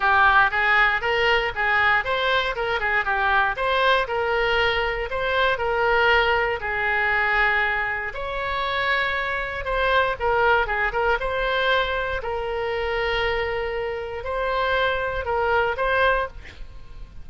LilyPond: \new Staff \with { instrumentName = "oboe" } { \time 4/4 \tempo 4 = 118 g'4 gis'4 ais'4 gis'4 | c''4 ais'8 gis'8 g'4 c''4 | ais'2 c''4 ais'4~ | ais'4 gis'2. |
cis''2. c''4 | ais'4 gis'8 ais'8 c''2 | ais'1 | c''2 ais'4 c''4 | }